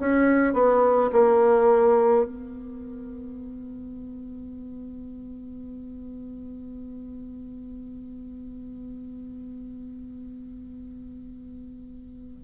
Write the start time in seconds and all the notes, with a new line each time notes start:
0.00 C#4
0.54 B3
1.13 A#3
2.25 B3